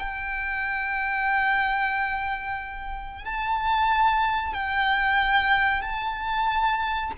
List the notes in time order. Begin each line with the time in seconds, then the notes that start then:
0.00 G5
3.25 A5
4.54 G5
5.82 A5